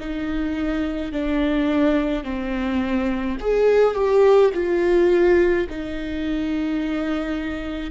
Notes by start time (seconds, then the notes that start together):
0.00 D#4
1.12 D4
2.24 C4
3.40 G#4
3.95 G4
4.54 F4
5.69 D#4